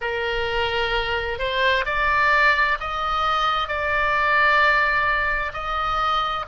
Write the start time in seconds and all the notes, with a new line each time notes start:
0.01 A#4
1.38 C5
1.85 D5
2.79 D#5
3.68 D5
5.53 D#5